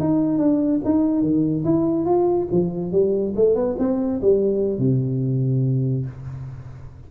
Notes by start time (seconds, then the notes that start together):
0.00 D#4
0.38 D4
0.85 D#4
1.22 D#3
1.65 E4
2.06 F4
2.52 F3
2.92 G3
3.36 A3
3.55 B3
3.79 C4
4.21 G3
4.79 C3